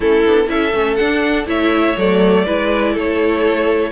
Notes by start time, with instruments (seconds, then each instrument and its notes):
0.00 cello A3, viola C#4, violin E4 A4
0.26 cello B3, viola D4
0.46 cello C#4, viola E4, violin A4 E5
0.73 cello A3, viola C#4
0.95 viola D4, cello D4, violin F#5
1.46 cello A3, viola E4, violin C#5 E5
1.97 cello F#3, viola A3, violin D5
2.45 cello G#3, viola E4, violin B4
2.93 cello A3, violin A4 C#5